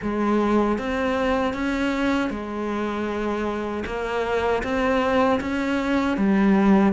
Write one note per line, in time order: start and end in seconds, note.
0.02 0.78 G#3
0.78 1.53 C4
1.53 2.30 C#4
2.30 3.84 G#3
3.85 4.62 A#3
4.63 5.40 C4
5.40 6.17 C#4
6.17 6.92 G3